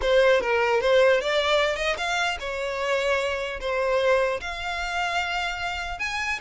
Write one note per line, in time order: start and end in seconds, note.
0.01 0.40 C5
0.40 0.80 A#4
0.80 1.20 C5
1.20 1.76 D5
1.76 1.96 D#5
1.97 2.37 F5
2.40 3.60 C#5
3.60 4.40 C5
4.41 5.99 F5
5.99 6.39 G#5